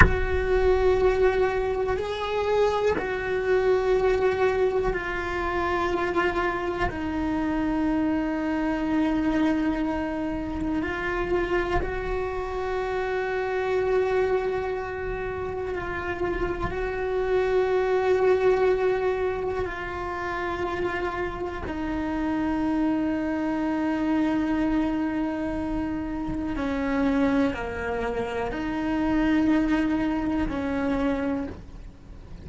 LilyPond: \new Staff \with { instrumentName = "cello" } { \time 4/4 \tempo 4 = 61 fis'2 gis'4 fis'4~ | fis'4 f'2 dis'4~ | dis'2. f'4 | fis'1 |
f'4 fis'2. | f'2 dis'2~ | dis'2. cis'4 | ais4 dis'2 cis'4 | }